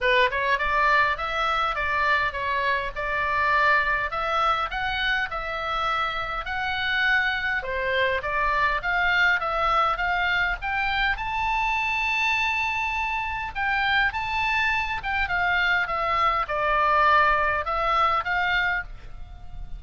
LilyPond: \new Staff \with { instrumentName = "oboe" } { \time 4/4 \tempo 4 = 102 b'8 cis''8 d''4 e''4 d''4 | cis''4 d''2 e''4 | fis''4 e''2 fis''4~ | fis''4 c''4 d''4 f''4 |
e''4 f''4 g''4 a''4~ | a''2. g''4 | a''4. g''8 f''4 e''4 | d''2 e''4 f''4 | }